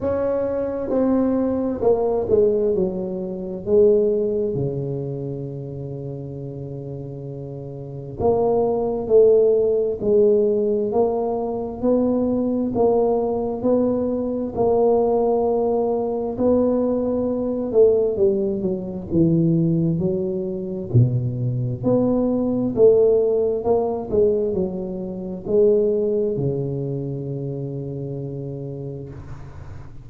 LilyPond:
\new Staff \with { instrumentName = "tuba" } { \time 4/4 \tempo 4 = 66 cis'4 c'4 ais8 gis8 fis4 | gis4 cis2.~ | cis4 ais4 a4 gis4 | ais4 b4 ais4 b4 |
ais2 b4. a8 | g8 fis8 e4 fis4 b,4 | b4 a4 ais8 gis8 fis4 | gis4 cis2. | }